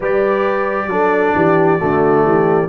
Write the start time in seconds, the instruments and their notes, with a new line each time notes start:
0.00 tuba G3, trombone G4, horn B4, trumpet D5
0.86 tuba F#3, trombone D4, horn A4
1.35 tuba E3, horn G4
1.78 tuba D3, trombone A3, horn F#4
2.23 tuba E3, horn G4